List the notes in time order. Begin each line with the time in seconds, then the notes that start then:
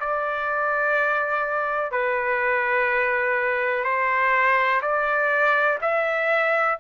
0.00 D5
1.91 B4
3.84 C5
4.82 D5
5.81 E5